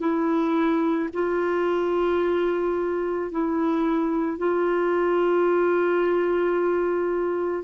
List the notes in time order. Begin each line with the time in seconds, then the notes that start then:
0.00 E4
1.13 F4
3.31 E4
4.38 F4